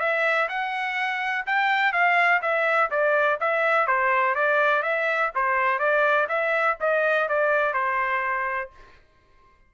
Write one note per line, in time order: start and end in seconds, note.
0.00 0.48 E5
0.49 1.46 F#5
1.46 1.93 G5
1.93 2.41 F5
2.42 2.90 E5
2.91 3.39 D5
3.40 3.87 E5
3.87 4.35 C5
4.35 4.83 D5
4.83 5.31 E5
5.35 5.79 C5
5.79 6.28 D5
6.29 6.77 E5
6.80 7.29 D#5
7.29 7.74 D5
7.74 8.70 C5